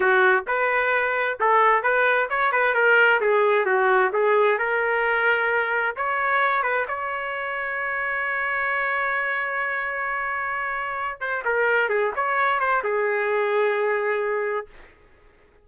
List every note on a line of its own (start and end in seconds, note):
0.00 0.45 F#4
0.47 1.38 B4
1.40 1.83 A4
1.83 2.28 B4
2.29 2.51 C#5
2.51 2.74 B4
2.74 3.20 A#4
3.20 3.65 G#4
3.65 4.11 F#4
4.12 4.58 G#4
4.58 5.95 A#4
5.96 6.63 C#5
6.63 6.86 B4
6.88 11.20 C#5
11.20 11.43 C5
11.45 11.89 A#4
11.89 12.12 G#4
12.15 12.60 C#5
12.60 12.82 C5
12.83 14.66 G#4